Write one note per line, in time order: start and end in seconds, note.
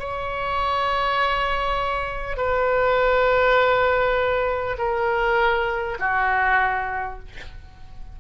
0.00 2.37 C#5
2.37 4.77 B4
4.78 5.98 A#4
5.99 7.19 F#4